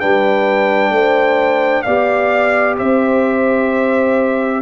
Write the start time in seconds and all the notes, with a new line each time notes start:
0.00 G3 D4 B4 G5
0.90 A3 C5
1.82 B3 G4 D5 F5
2.77 C4 C5 E5